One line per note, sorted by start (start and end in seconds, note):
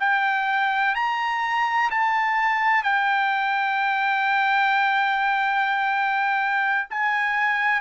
0.00 0.95 G5
0.95 1.90 A#5
1.91 2.84 A5
2.84 6.89 G5
6.90 7.81 G#5